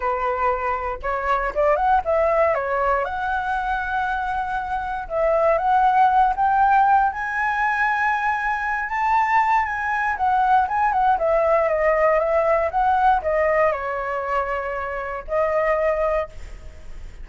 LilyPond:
\new Staff \with { instrumentName = "flute" } { \time 4/4 \tempo 4 = 118 b'2 cis''4 d''8 fis''8 | e''4 cis''4 fis''2~ | fis''2 e''4 fis''4~ | fis''8 g''4. gis''2~ |
gis''4. a''4. gis''4 | fis''4 gis''8 fis''8 e''4 dis''4 | e''4 fis''4 dis''4 cis''4~ | cis''2 dis''2 | }